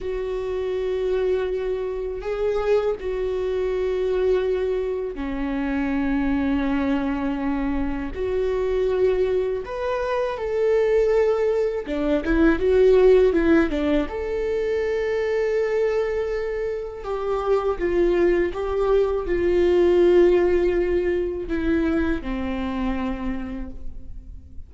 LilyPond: \new Staff \with { instrumentName = "viola" } { \time 4/4 \tempo 4 = 81 fis'2. gis'4 | fis'2. cis'4~ | cis'2. fis'4~ | fis'4 b'4 a'2 |
d'8 e'8 fis'4 e'8 d'8 a'4~ | a'2. g'4 | f'4 g'4 f'2~ | f'4 e'4 c'2 | }